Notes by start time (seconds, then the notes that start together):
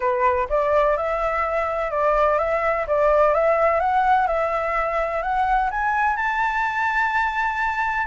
0.00 B4
0.49 D5
0.97 E5
1.90 D5
2.38 E5
2.87 D5
3.34 E5
3.80 F#5
4.27 E5
5.22 F#5
5.71 G#5
6.16 A5